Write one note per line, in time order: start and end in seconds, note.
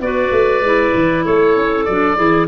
0.00 0.31 B3
0.00 0.64 F#4
0.00 1.25 B4
0.00 1.25 D5
0.31 0.61 A3
0.61 0.92 G#3
0.61 1.88 E4
0.94 1.25 E3
1.25 1.56 A3
1.25 2.17 A4
1.25 1.85 C#5
1.56 1.87 C#4
1.85 2.18 F#3
1.85 2.16 D4
1.85 2.47 D5
2.16 2.48 E3
2.16 2.47 E4
2.16 2.48 G#4